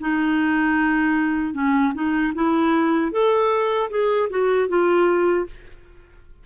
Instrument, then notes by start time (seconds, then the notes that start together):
clarinet
0.00 D#4
1.54 C#4
1.94 D#4
2.34 E4
3.12 A4
3.90 G#4
4.30 F#4
4.68 F4